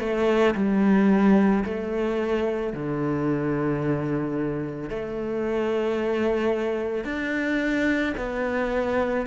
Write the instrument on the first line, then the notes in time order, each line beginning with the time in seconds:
cello
0.00 A3
0.56 G3
1.65 A3
2.74 D3
4.90 A3
7.05 D4
8.18 B3